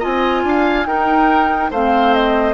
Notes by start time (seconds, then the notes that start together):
0.00 C4 F4 D#5 G#5
0.44 D4 F5
0.86 D#4 A#4 G5
1.71 A3 C4 C5 F5
2.14 D#5